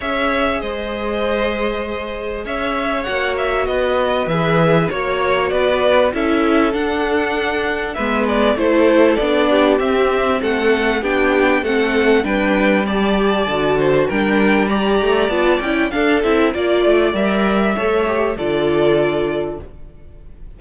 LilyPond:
<<
  \new Staff \with { instrumentName = "violin" } { \time 4/4 \tempo 4 = 98 e''4 dis''2. | e''4 fis''8 e''8 dis''4 e''4 | cis''4 d''4 e''4 fis''4~ | fis''4 e''8 d''8 c''4 d''4 |
e''4 fis''4 g''4 fis''4 | g''4 a''2 g''4 | ais''4 a''8 g''8 f''8 e''8 d''4 | e''2 d''2 | }
  \new Staff \with { instrumentName = "violin" } { \time 4/4 cis''4 c''2. | cis''2 b'2 | cis''4 b'4 a'2~ | a'4 b'4 a'4. g'8~ |
g'4 a'4 g'4 a'4 | b'4 d''4. c''8 ais'4 | d''2 a'4 d''4~ | d''4 cis''4 a'2 | }
  \new Staff \with { instrumentName = "viola" } { \time 4/4 gis'1~ | gis'4 fis'2 gis'4 | fis'2 e'4 d'4~ | d'4 b4 e'4 d'4 |
c'2 d'4 c'4 | d'4 g'4 fis'4 d'4 | g'4 f'8 e'8 d'8 e'8 f'4 | ais'4 a'8 g'8 f'2 | }
  \new Staff \with { instrumentName = "cello" } { \time 4/4 cis'4 gis2. | cis'4 ais4 b4 e4 | ais4 b4 cis'4 d'4~ | d'4 gis4 a4 b4 |
c'4 a4 b4 a4 | g2 d4 g4~ | g8 a8 b8 cis'8 d'8 c'8 ais8 a8 | g4 a4 d2 | }
>>